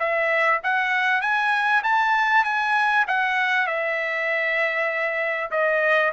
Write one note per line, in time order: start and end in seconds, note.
0.00 0.61 E5
0.64 1.22 F#5
1.22 1.83 G#5
1.84 2.45 A5
2.45 3.06 G#5
3.08 3.67 F#5
3.67 5.51 E5
5.52 6.13 D#5